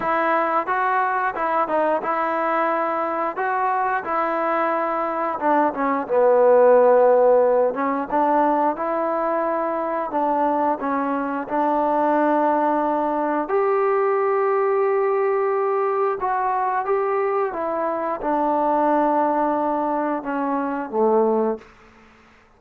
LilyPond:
\new Staff \with { instrumentName = "trombone" } { \time 4/4 \tempo 4 = 89 e'4 fis'4 e'8 dis'8 e'4~ | e'4 fis'4 e'2 | d'8 cis'8 b2~ b8 cis'8 | d'4 e'2 d'4 |
cis'4 d'2. | g'1 | fis'4 g'4 e'4 d'4~ | d'2 cis'4 a4 | }